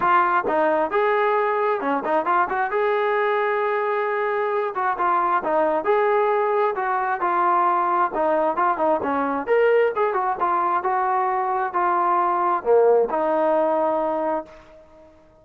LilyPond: \new Staff \with { instrumentName = "trombone" } { \time 4/4 \tempo 4 = 133 f'4 dis'4 gis'2 | cis'8 dis'8 f'8 fis'8 gis'2~ | gis'2~ gis'8 fis'8 f'4 | dis'4 gis'2 fis'4 |
f'2 dis'4 f'8 dis'8 | cis'4 ais'4 gis'8 fis'8 f'4 | fis'2 f'2 | ais4 dis'2. | }